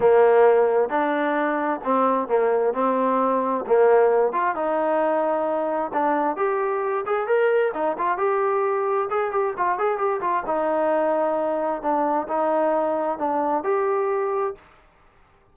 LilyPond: \new Staff \with { instrumentName = "trombone" } { \time 4/4 \tempo 4 = 132 ais2 d'2 | c'4 ais4 c'2 | ais4. f'8 dis'2~ | dis'4 d'4 g'4. gis'8 |
ais'4 dis'8 f'8 g'2 | gis'8 g'8 f'8 gis'8 g'8 f'8 dis'4~ | dis'2 d'4 dis'4~ | dis'4 d'4 g'2 | }